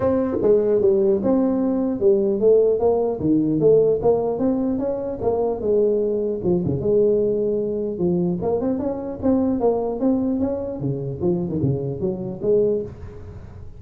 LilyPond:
\new Staff \with { instrumentName = "tuba" } { \time 4/4 \tempo 4 = 150 c'4 gis4 g4 c'4~ | c'4 g4 a4 ais4 | dis4 a4 ais4 c'4 | cis'4 ais4 gis2 |
f8 cis8 gis2. | f4 ais8 c'8 cis'4 c'4 | ais4 c'4 cis'4 cis4 | f8. dis16 cis4 fis4 gis4 | }